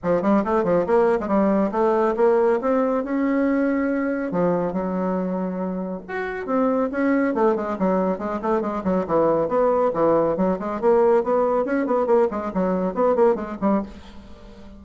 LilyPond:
\new Staff \with { instrumentName = "bassoon" } { \time 4/4 \tempo 4 = 139 f8 g8 a8 f8 ais8. gis16 g4 | a4 ais4 c'4 cis'4~ | cis'2 f4 fis4~ | fis2 fis'4 c'4 |
cis'4 a8 gis8 fis4 gis8 a8 | gis8 fis8 e4 b4 e4 | fis8 gis8 ais4 b4 cis'8 b8 | ais8 gis8 fis4 b8 ais8 gis8 g8 | }